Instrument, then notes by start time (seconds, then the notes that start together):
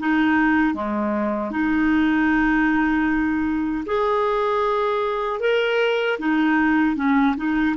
clarinet
0.00 D#4
0.75 G#3
1.51 D#4
3.86 G#4
5.40 A#4
6.19 D#4
6.97 C#4
7.37 D#4